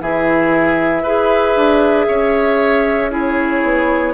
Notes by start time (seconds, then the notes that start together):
0.00 E3 E4 G#4 E5
1.02 E4 G#4 B4
1.55 D4
2.07 C#4 C#5
3.10 E4 G#4 C#5
3.63 B3